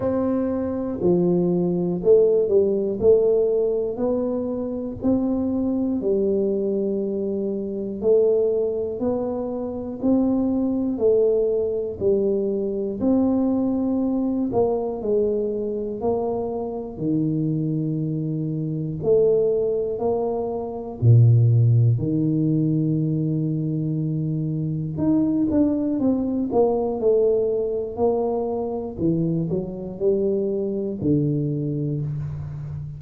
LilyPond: \new Staff \with { instrumentName = "tuba" } { \time 4/4 \tempo 4 = 60 c'4 f4 a8 g8 a4 | b4 c'4 g2 | a4 b4 c'4 a4 | g4 c'4. ais8 gis4 |
ais4 dis2 a4 | ais4 ais,4 dis2~ | dis4 dis'8 d'8 c'8 ais8 a4 | ais4 e8 fis8 g4 d4 | }